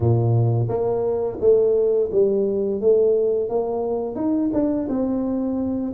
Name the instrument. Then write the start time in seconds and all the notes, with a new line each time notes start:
tuba
0.00 A#2
0.68 A#3
1.40 A3
2.12 G3
2.80 A3
3.49 A#3
4.15 D#4
4.53 D4
4.88 C4